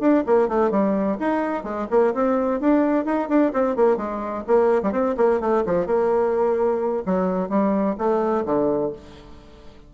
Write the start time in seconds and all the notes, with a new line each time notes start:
0.00 D4
0.26 A#3
0.48 A3
0.71 G3
1.20 D#4
1.63 G#3
1.90 A#3
2.14 C4
2.60 D4
3.05 D#4
3.29 D4
3.53 C4
3.76 A#3
3.97 G#3
4.47 A#3
4.83 G3
4.92 C4
5.17 A#3
5.40 A3
5.66 F3
5.86 A#3
7.05 F#3
7.49 G3
7.98 A3
8.46 D3